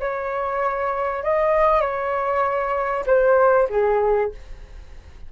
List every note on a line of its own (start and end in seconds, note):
0.00 1.23 C#5
1.23 1.81 D#5
1.81 3.05 C#5
3.06 3.68 C5
3.70 4.32 G#4